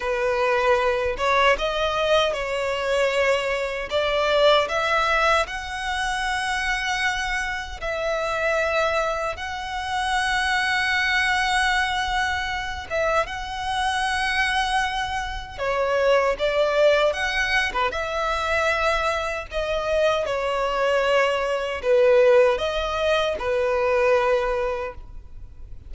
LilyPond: \new Staff \with { instrumentName = "violin" } { \time 4/4 \tempo 4 = 77 b'4. cis''8 dis''4 cis''4~ | cis''4 d''4 e''4 fis''4~ | fis''2 e''2 | fis''1~ |
fis''8 e''8 fis''2. | cis''4 d''4 fis''8. b'16 e''4~ | e''4 dis''4 cis''2 | b'4 dis''4 b'2 | }